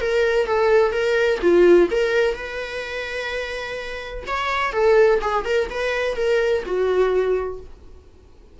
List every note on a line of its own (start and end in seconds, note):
0.00 0.46 A#4
0.46 0.92 A4
0.92 1.39 A#4
1.41 1.88 F4
1.90 2.35 A#4
2.35 4.23 B4
4.26 4.72 C#5
4.72 5.19 A4
5.21 5.45 G#4
5.45 5.68 A#4
5.70 6.15 B4
6.15 6.63 A#4
6.65 7.60 F#4